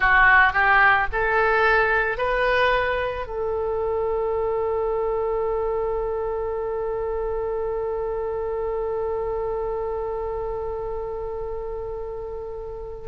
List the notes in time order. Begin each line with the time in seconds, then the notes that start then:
0.00 F#4
0.52 G4
1.12 A4
2.17 B4
3.26 A4